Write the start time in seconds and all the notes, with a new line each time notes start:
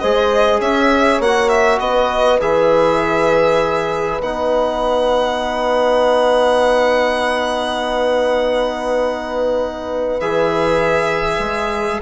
0.00 G#3 G#4 C5 D#5
0.60 C#4 C#5 E5
1.20 A#3 F#4 F#5
1.49 E5
1.80 B3 B4 D#5
2.41 E3 G#4 E5
4.21 B3 D#4 F#5
10.21 E3 G#4 E5
11.39 G#3